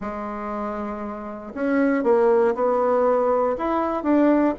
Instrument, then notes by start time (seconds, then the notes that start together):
bassoon
0.00 G#3
1.54 C#4
2.03 A#3
2.54 B3
3.57 E4
4.03 D4